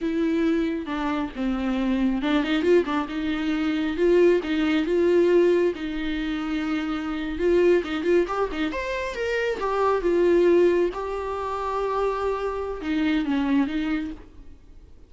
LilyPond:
\new Staff \with { instrumentName = "viola" } { \time 4/4 \tempo 4 = 136 e'2 d'4 c'4~ | c'4 d'8 dis'8 f'8 d'8 dis'4~ | dis'4 f'4 dis'4 f'4~ | f'4 dis'2.~ |
dis'8. f'4 dis'8 f'8 g'8 dis'8 c''16~ | c''8. ais'4 g'4 f'4~ f'16~ | f'8. g'2.~ g'16~ | g'4 dis'4 cis'4 dis'4 | }